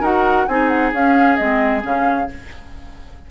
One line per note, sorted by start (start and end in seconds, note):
0.00 0.46 D#4
0.00 0.47 F#4
0.00 0.45 A#4
0.00 0.48 F#5
0.48 0.92 C4
0.48 0.93 D#4
0.48 2.30 G#4
0.48 0.68 G#5
0.68 0.91 F#5
0.92 1.37 C#4
0.92 1.38 C#4
0.92 1.36 F5
1.36 1.84 G#3
1.36 1.81 C4
1.36 1.81 D#5
1.81 2.29 C#3
1.81 2.26 C#4
1.81 2.31 F5